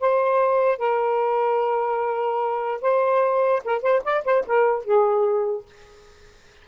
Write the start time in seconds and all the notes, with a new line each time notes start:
0.00 C5
0.78 A#4
2.81 C5
3.64 A#4
3.82 C5
4.04 D5
4.25 C5
4.46 A#4
4.84 G#4